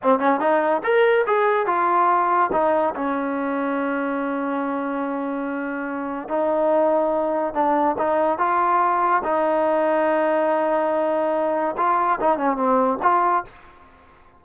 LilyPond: \new Staff \with { instrumentName = "trombone" } { \time 4/4 \tempo 4 = 143 c'8 cis'8 dis'4 ais'4 gis'4 | f'2 dis'4 cis'4~ | cis'1~ | cis'2. dis'4~ |
dis'2 d'4 dis'4 | f'2 dis'2~ | dis'1 | f'4 dis'8 cis'8 c'4 f'4 | }